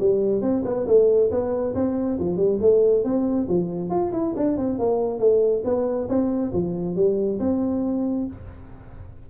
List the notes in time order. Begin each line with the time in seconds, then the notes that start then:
0.00 G3
0.42 C4
0.65 B3
0.87 A3
1.31 B3
1.75 C4
2.19 F3
2.37 G3
2.62 A3
3.04 C4
3.49 F3
3.90 F4
4.12 E4
4.37 D4
4.58 C4
4.79 A#3
5.20 A3
5.65 B3
6.09 C4
6.53 F3
6.96 G3
7.40 C4